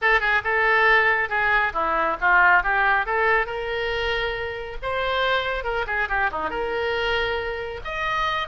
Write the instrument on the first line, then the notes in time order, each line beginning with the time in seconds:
oboe
0.01 A4
0.20 G#4
0.43 A4
1.29 G#4
1.73 E4
2.21 F4
2.63 G4
3.06 A4
3.46 A#4
4.82 C5
5.63 A#4
5.86 G#4
6.08 G4
6.31 D#4
6.50 A#4
7.84 D#5